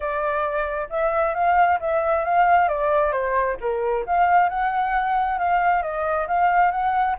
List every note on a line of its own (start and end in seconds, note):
0.00 0.88 D5
0.89 1.34 E5
1.34 1.79 F5
1.80 2.24 E5
2.24 2.68 F5
2.68 3.11 D5
3.11 3.56 C5
3.60 4.05 A#4
4.05 4.49 F5
4.49 5.38 F#5
5.38 5.82 F5
5.82 6.27 D#5
6.27 6.71 F5
6.71 7.16 F#5